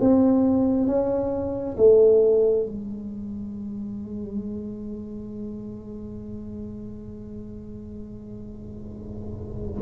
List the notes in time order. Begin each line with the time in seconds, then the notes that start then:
0.00 C4
0.86 C#4
1.77 A3
2.66 G#3